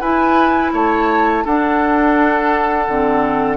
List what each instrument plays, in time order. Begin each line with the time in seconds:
0.00 bassoon E4, clarinet E4, oboe B4, flute G#5
0.72 bassoon A3, oboe C#5, flute A5
1.44 clarinet D4, bassoon D4, oboe A4, flute F#5
2.88 bassoon D3, clarinet C4